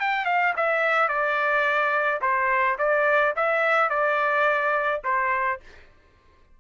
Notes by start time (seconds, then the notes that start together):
0.00 G5
0.25 F5
0.57 E5
1.09 D5
2.21 C5
2.79 D5
3.36 E5
3.90 D5
5.04 C5